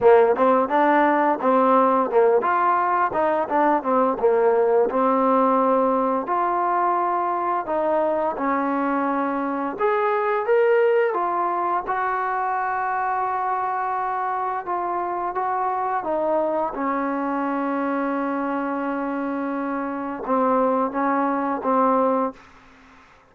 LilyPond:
\new Staff \with { instrumentName = "trombone" } { \time 4/4 \tempo 4 = 86 ais8 c'8 d'4 c'4 ais8 f'8~ | f'8 dis'8 d'8 c'8 ais4 c'4~ | c'4 f'2 dis'4 | cis'2 gis'4 ais'4 |
f'4 fis'2.~ | fis'4 f'4 fis'4 dis'4 | cis'1~ | cis'4 c'4 cis'4 c'4 | }